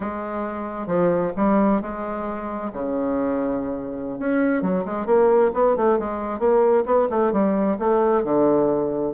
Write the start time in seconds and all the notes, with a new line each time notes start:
0.00 G#3
0.87 F3
1.36 G3
1.81 G#3
2.73 C#3
4.19 C#4
4.62 F#3
4.85 G#3
5.05 A#3
5.53 B3
5.76 A3
5.99 G#3
6.39 A#3
6.85 B3
7.09 A3
7.32 G3
7.78 A3
8.24 D3